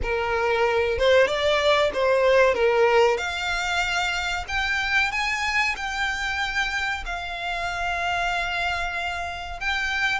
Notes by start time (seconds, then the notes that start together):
0.02 A#4
0.98 C5
1.27 D5
1.93 C5
2.54 A#4
3.17 F5
4.47 G5
5.11 G#5
5.76 G5
7.05 F5
9.59 G5